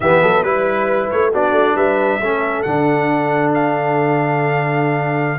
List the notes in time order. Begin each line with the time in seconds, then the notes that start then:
0.00 E3 B3 G4 E5
0.21 F#3 A4
0.43 G3 E4 B4
1.10 A3 C#5
1.31 B3 D4 F#4 D5
1.51 A3
1.75 G3 B4 E5
2.20 A3 C#4 A4
2.62 D3 D4 F#5
3.54 F5